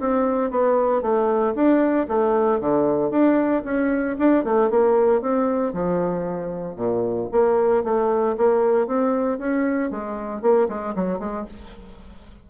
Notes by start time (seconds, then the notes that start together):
0.00 C4
0.51 B3
1.02 A3
1.55 D4
2.08 A3
2.60 D3
3.11 D4
3.65 C#4
4.19 D4
4.44 A3
4.70 A#3
5.22 C4
5.73 F3
6.76 A#2
7.32 A#3
7.84 A3
8.38 A#3
8.87 C4
9.39 C#4
9.91 G#3
10.42 A#3
10.69 G#3
10.95 F#3
11.19 G#3